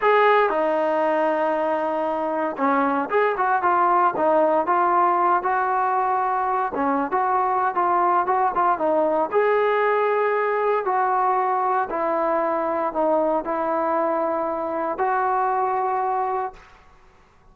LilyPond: \new Staff \with { instrumentName = "trombone" } { \time 4/4 \tempo 4 = 116 gis'4 dis'2.~ | dis'4 cis'4 gis'8 fis'8 f'4 | dis'4 f'4. fis'4.~ | fis'4 cis'8. fis'4~ fis'16 f'4 |
fis'8 f'8 dis'4 gis'2~ | gis'4 fis'2 e'4~ | e'4 dis'4 e'2~ | e'4 fis'2. | }